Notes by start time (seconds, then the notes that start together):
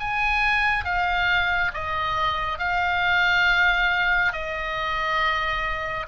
0.00 G#5
0.85 F5
1.74 D#5
2.58 F5
4.32 D#5